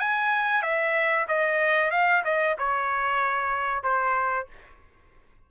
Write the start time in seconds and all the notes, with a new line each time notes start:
0.00 G#5
0.63 E5
1.28 D#5
1.91 F5
2.25 D#5
2.59 C#5
3.84 C5